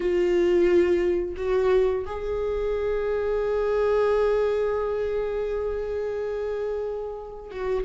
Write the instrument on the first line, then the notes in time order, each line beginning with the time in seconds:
viola
0.00 F4
1.36 F#4
2.05 G#4
7.50 F#4